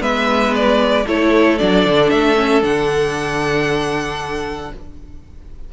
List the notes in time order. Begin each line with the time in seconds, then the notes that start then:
0.00 G#3 B3 B4 E5
0.55 D5
1.07 A3 E4 A4 C#5
1.59 F#3 D4 D5
1.86 D3
2.10 A3 E5
2.36 C#4
2.62 D3 D4 F#5